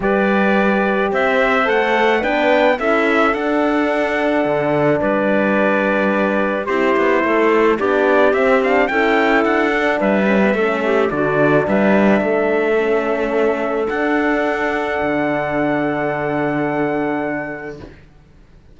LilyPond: <<
  \new Staff \with { instrumentName = "trumpet" } { \time 4/4 \tempo 4 = 108 d''2 e''4 fis''4 | g''4 e''4 fis''2~ | fis''4 d''2. | c''2 d''4 e''8 f''8 |
g''4 fis''4 e''2 | d''4 e''2.~ | e''4 fis''2.~ | fis''1 | }
  \new Staff \with { instrumentName = "clarinet" } { \time 4/4 b'2 c''2 | b'4 a'2.~ | a'4 b'2. | g'4 a'4 g'2 |
a'2 b'4 a'8 g'8 | fis'4 b'4 a'2~ | a'1~ | a'1 | }
  \new Staff \with { instrumentName = "horn" } { \time 4/4 g'2. a'4 | d'4 e'4 d'2~ | d'1 | e'2 d'4 c'8 d'8 |
e'4. d'4 cis'16 b16 cis'4 | d'2. cis'4~ | cis'4 d'2.~ | d'1 | }
  \new Staff \with { instrumentName = "cello" } { \time 4/4 g2 c'4 a4 | b4 cis'4 d'2 | d4 g2. | c'8 b8 a4 b4 c'4 |
cis'4 d'4 g4 a4 | d4 g4 a2~ | a4 d'2 d4~ | d1 | }
>>